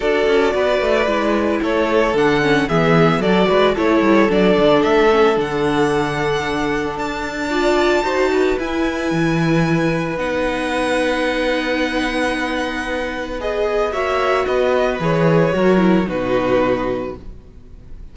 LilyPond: <<
  \new Staff \with { instrumentName = "violin" } { \time 4/4 \tempo 4 = 112 d''2. cis''4 | fis''4 e''4 d''4 cis''4 | d''4 e''4 fis''2~ | fis''4 a''2. |
gis''2. fis''4~ | fis''1~ | fis''4 dis''4 e''4 dis''4 | cis''2 b'2 | }
  \new Staff \with { instrumentName = "violin" } { \time 4/4 a'4 b'2 a'4~ | a'4 gis'4 a'8 b'8 a'4~ | a'1~ | a'2 d''4 c''8 b'8~ |
b'1~ | b'1~ | b'2 cis''4 b'4~ | b'4 ais'4 fis'2 | }
  \new Staff \with { instrumentName = "viola" } { \time 4/4 fis'2 e'2 | d'8 cis'8 b4 fis'4 e'4 | d'4. cis'8 d'2~ | d'2 f'4 fis'4 |
e'2. dis'4~ | dis'1~ | dis'4 gis'4 fis'2 | gis'4 fis'8 e'8 dis'2 | }
  \new Staff \with { instrumentName = "cello" } { \time 4/4 d'8 cis'8 b8 a8 gis4 a4 | d4 e4 fis8 gis8 a8 g8 | fis8 d8 a4 d2~ | d4 d'2 dis'4 |
e'4 e2 b4~ | b1~ | b2 ais4 b4 | e4 fis4 b,2 | }
>>